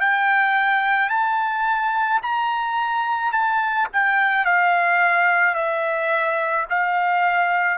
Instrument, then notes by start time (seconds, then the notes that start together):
trumpet
0.00 G5
1.10 A5
2.22 A#5
3.32 A5
3.93 G5
4.45 F5
5.55 E5
6.70 F5